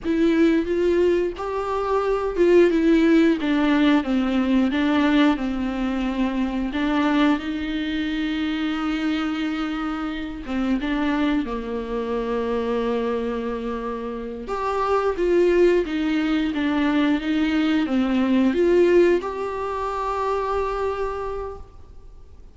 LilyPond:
\new Staff \with { instrumentName = "viola" } { \time 4/4 \tempo 4 = 89 e'4 f'4 g'4. f'8 | e'4 d'4 c'4 d'4 | c'2 d'4 dis'4~ | dis'2.~ dis'8 c'8 |
d'4 ais2.~ | ais4. g'4 f'4 dis'8~ | dis'8 d'4 dis'4 c'4 f'8~ | f'8 g'2.~ g'8 | }